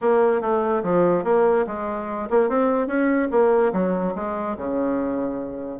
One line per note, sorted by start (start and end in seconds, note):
0.01 0.41 A#3
0.41 0.82 A3
0.83 1.24 F3
1.24 1.65 A#3
1.66 2.29 G#3
2.29 2.49 A#3
2.49 2.87 C4
2.87 3.28 C#4
3.31 3.72 A#3
3.73 4.14 F#3
4.15 4.56 G#3
4.57 5.79 C#3